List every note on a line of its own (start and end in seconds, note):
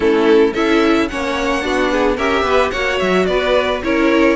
0.00 0.52 A3
0.00 0.52 C#4
0.00 0.53 E4
0.00 0.54 A4
0.53 1.10 C#4
0.53 1.09 E4
0.53 1.08 A4
0.53 1.08 E5
1.08 1.64 A#3
1.08 1.61 C#4
1.08 1.64 C#5
1.08 2.17 F#5
1.61 2.17 B3
1.61 2.15 D4
1.61 1.91 F#4
1.91 2.16 G#4
2.16 2.42 C#4
2.16 2.72 G4
2.16 2.43 A#4
2.16 2.71 E5
2.42 2.69 B3
2.42 2.71 B4
2.71 3.00 A#3
2.71 3.81 F#4
2.71 3.25 C#5
2.71 2.98 F#5
2.99 3.27 F#3
2.99 3.26 E5
3.26 3.81 B3
3.26 3.83 B4
3.26 3.80 D5
3.83 4.36 C#4
3.83 4.36 E4
3.83 4.36 A#4
3.83 4.36 C#5